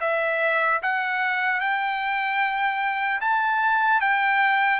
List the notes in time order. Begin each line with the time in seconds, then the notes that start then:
0.00 E5
0.82 F#5
1.60 G5
3.20 A5
4.00 G5